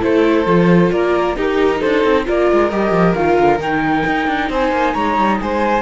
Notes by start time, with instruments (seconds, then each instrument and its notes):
0.00 cello A3, viola E4, violin A4, flute C5
0.46 cello F3, viola F4
0.92 cello A#3, violin A#4, flute D5
1.36 viola D#4, cello D#4, violin G4, flute A#4
1.80 cello D4, violin A4, flute C5
2.04 cello C4
2.25 cello A#3, viola F4, violin A#4, flute D5
2.52 cello G#3
2.69 cello G3, viola G4, flute D#5
2.92 cello F3
3.14 cello D#3, viola F4, flute F5
3.39 cello D3
3.59 cello D#3, viola D#4, flute G5
4.06 cello D#4
4.27 cello D4
4.50 cello C4, violin C5, flute G#5
4.72 cello A#3
4.94 cello G#3, violin C#5, flute A#5
5.18 cello G3
5.41 cello G#3, violin C5, flute G#5